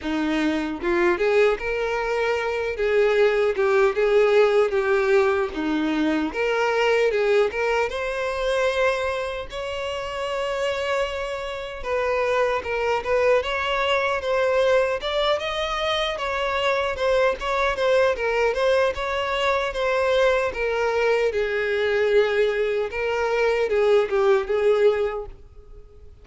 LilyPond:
\new Staff \with { instrumentName = "violin" } { \time 4/4 \tempo 4 = 76 dis'4 f'8 gis'8 ais'4. gis'8~ | gis'8 g'8 gis'4 g'4 dis'4 | ais'4 gis'8 ais'8 c''2 | cis''2. b'4 |
ais'8 b'8 cis''4 c''4 d''8 dis''8~ | dis''8 cis''4 c''8 cis''8 c''8 ais'8 c''8 | cis''4 c''4 ais'4 gis'4~ | gis'4 ais'4 gis'8 g'8 gis'4 | }